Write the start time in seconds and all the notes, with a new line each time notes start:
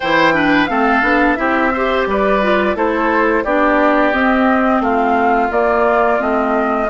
0.00 E3 E4 C5 G5
0.33 D4 B4
0.66 A3 C4 A4 F5
1.02 B3 D4
1.35 C4 E4 G4 E5
1.73 G4 C5
2.06 G3 B4 D5
2.42 F4
2.74 A3 E4 A4 C5
3.44 B3 D4 G4 D5
4.12 C4 D#5
4.80 A3 F4 F5
5.51 A#3 D5
6.19 A3 C4 D#5